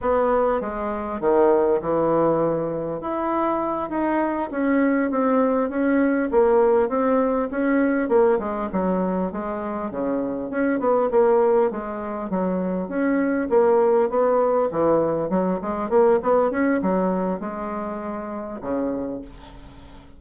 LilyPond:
\new Staff \with { instrumentName = "bassoon" } { \time 4/4 \tempo 4 = 100 b4 gis4 dis4 e4~ | e4 e'4. dis'4 cis'8~ | cis'8 c'4 cis'4 ais4 c'8~ | c'8 cis'4 ais8 gis8 fis4 gis8~ |
gis8 cis4 cis'8 b8 ais4 gis8~ | gis8 fis4 cis'4 ais4 b8~ | b8 e4 fis8 gis8 ais8 b8 cis'8 | fis4 gis2 cis4 | }